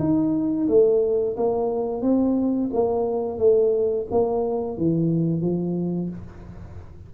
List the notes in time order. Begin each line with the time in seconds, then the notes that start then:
0.00 D#4
0.68 A3
1.37 A#3
2.02 C4
2.74 A#3
3.39 A3
4.11 A#3
4.78 E3
5.42 F3